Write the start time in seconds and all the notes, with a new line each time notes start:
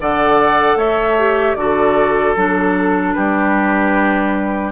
0.00 D3 A4 D5 F#5
0.76 A3 C#5 E5
1.19 G4
1.55 D3 F#4 A4 D5
2.36 F#3 D4 A4
3.13 G3 G4 B4